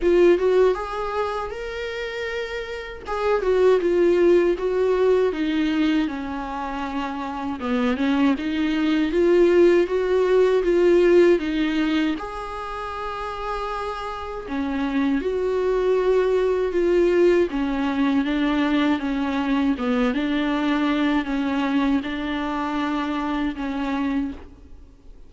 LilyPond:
\new Staff \with { instrumentName = "viola" } { \time 4/4 \tempo 4 = 79 f'8 fis'8 gis'4 ais'2 | gis'8 fis'8 f'4 fis'4 dis'4 | cis'2 b8 cis'8 dis'4 | f'4 fis'4 f'4 dis'4 |
gis'2. cis'4 | fis'2 f'4 cis'4 | d'4 cis'4 b8 d'4. | cis'4 d'2 cis'4 | }